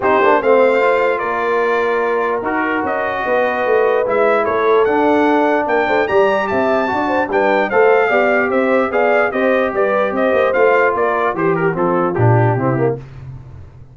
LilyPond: <<
  \new Staff \with { instrumentName = "trumpet" } { \time 4/4 \tempo 4 = 148 c''4 f''2 d''4~ | d''2 ais'4 dis''4~ | dis''2 e''4 cis''4 | fis''2 g''4 ais''4 |
a''2 g''4 f''4~ | f''4 e''4 f''4 dis''4 | d''4 dis''4 f''4 d''4 | c''8 ais'8 a'4 g'2 | }
  \new Staff \with { instrumentName = "horn" } { \time 4/4 g'4 c''2 ais'4~ | ais'1 | b'2. a'4~ | a'2 ais'8 c''8 d''4 |
e''4 d''8 c''8 b'4 c''4 | d''4 c''4 d''4 c''4 | b'4 c''2 ais'4 | g'4 f'2 e'4 | }
  \new Staff \with { instrumentName = "trombone" } { \time 4/4 dis'8 d'8 c'4 f'2~ | f'2 fis'2~ | fis'2 e'2 | d'2. g'4~ |
g'4 fis'4 d'4 a'4 | g'2 gis'4 g'4~ | g'2 f'2 | g'4 c'4 d'4 c'8 ais8 | }
  \new Staff \with { instrumentName = "tuba" } { \time 4/4 c'8 ais8 a2 ais4~ | ais2 dis'4 cis'4 | b4 a4 gis4 a4 | d'2 ais8 a8 g4 |
c'4 d'4 g4 a4 | b4 c'4 b4 c'4 | g4 c'8 ais8 a4 ais4 | e4 f4 ais,4 c4 | }
>>